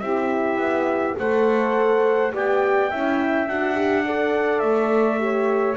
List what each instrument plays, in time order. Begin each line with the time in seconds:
0.00 double bass C4, horn E4, saxophone G4, trumpet E5
0.58 double bass B3
1.18 double bass A3, horn A4, saxophone C5, trumpet F#5
2.33 double bass B3, horn G4, saxophone D5, trumpet G5
2.90 double bass C#4, horn E4, saxophone E5
3.48 double bass D4, horn F#4, trumpet F#5
3.75 horn G4
4.06 horn A4, saxophone D5
4.60 double bass A3, trumpet E5
5.19 horn G4, saxophone C#5